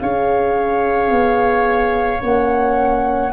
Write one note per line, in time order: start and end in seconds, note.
0.00 1.10 C#4
0.00 2.20 G#4
0.00 3.32 C#5
0.00 2.22 F5
1.10 2.21 B3
2.20 3.32 A#3
2.20 3.31 C#4
2.20 3.32 F#5